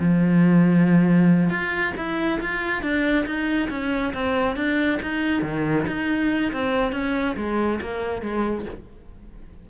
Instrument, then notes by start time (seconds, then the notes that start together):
cello
0.00 F3
1.50 F4
1.97 E4
2.41 F4
2.82 D4
3.26 D#4
3.70 C#4
4.14 C4
4.56 D4
5.02 D#4
5.43 D#3
5.87 D#4
6.53 C4
6.93 C#4
7.37 G#3
7.81 A#3
8.22 G#3